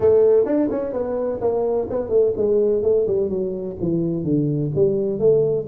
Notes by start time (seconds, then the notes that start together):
0.00 A3
0.45 D4
0.70 C#4
0.93 B3
1.40 A#3
1.90 B3
2.09 A3
2.36 G#3
2.82 A3
3.07 G3
3.29 F#3
3.80 E3
4.23 D3
4.75 G3
5.19 A3